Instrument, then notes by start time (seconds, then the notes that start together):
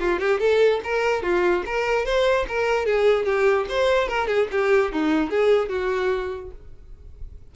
violin
0.00 F4
0.20 G4
0.40 A4
0.84 A#4
1.23 F4
1.66 A#4
2.06 C5
2.48 A#4
2.86 G#4
3.25 G4
3.69 C5
4.08 A#4
4.28 G#4
4.52 G4
4.92 D#4
5.30 G#4
5.69 F#4